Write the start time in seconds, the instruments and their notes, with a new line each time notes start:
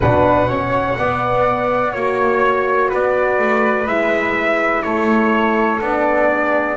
0.00 double bass B2, horn D4, flute B4, trumpet F#5
0.48 horn C#4, flute C#5
0.98 horn B3, double bass B3, flute D5
1.92 double bass A#3, horn F#4, flute C#5, trumpet C#5
2.89 double bass B3, flute B4, trumpet D5
3.38 double bass A3
3.86 double bass G#3, horn E4, trumpet E5
4.82 double bass A3, flute A4, trumpet C#5
5.80 double bass B3, horn D4, trumpet D5
6.29 flute G#4